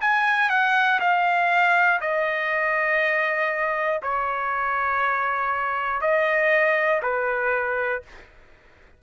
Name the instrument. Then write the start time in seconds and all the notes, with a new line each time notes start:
trumpet
0.00 G#5
0.49 F#5
1.00 F5
2.00 D#5
4.02 C#5
6.00 D#5
7.02 B4